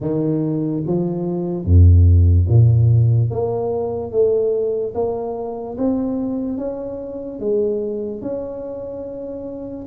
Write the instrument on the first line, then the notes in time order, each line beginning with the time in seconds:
tuba
0.00 D#3
0.86 F3
1.64 F2
2.48 A#2
3.30 A#3
4.11 A3
4.94 A#3
5.77 C4
6.57 C#4
7.39 G#3
8.21 C#4